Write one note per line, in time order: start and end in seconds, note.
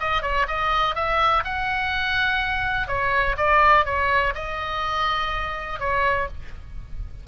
0.00 0.22 D#5
0.22 0.46 C#5
0.48 0.95 D#5
0.95 1.44 E5
1.45 2.88 F#5
2.88 3.36 C#5
3.37 3.85 D5
3.85 4.34 C#5
4.35 5.80 D#5
5.80 6.28 C#5